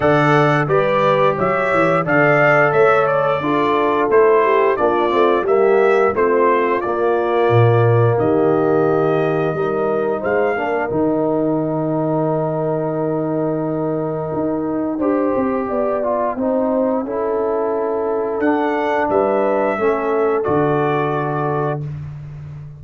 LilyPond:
<<
  \new Staff \with { instrumentName = "trumpet" } { \time 4/4 \tempo 4 = 88 fis''4 d''4 e''4 f''4 | e''8 d''4. c''4 d''4 | e''4 c''4 d''2 | dis''2. f''4 |
g''1~ | g''1~ | g''2. fis''4 | e''2 d''2 | }
  \new Staff \with { instrumentName = "horn" } { \time 4/4 d''4 b'4 cis''4 d''4 | cis''4 a'4. g'8 f'4 | g'4 f'2. | g'2 ais'4 c''8 ais'8~ |
ais'1~ | ais'2 c''4 d''4 | c''4 a'2. | b'4 a'2. | }
  \new Staff \with { instrumentName = "trombone" } { \time 4/4 a'4 g'2 a'4~ | a'4 f'4 e'4 d'8 c'8 | ais4 c'4 ais2~ | ais2 dis'4. d'8 |
dis'1~ | dis'2 g'4. f'8 | dis'4 e'2 d'4~ | d'4 cis'4 fis'2 | }
  \new Staff \with { instrumentName = "tuba" } { \time 4/4 d4 g4 fis8 e8 d4 | a4 d'4 a4 ais8 a8 | g4 a4 ais4 ais,4 | dis2 g4 gis8 ais8 |
dis1~ | dis4 dis'4 d'8 c'8 b4 | c'4 cis'2 d'4 | g4 a4 d2 | }
>>